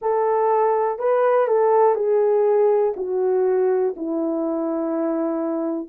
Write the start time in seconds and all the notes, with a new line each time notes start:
0.01 A4
0.98 B4
1.47 A4
1.95 G#4
2.96 F#4
3.96 E4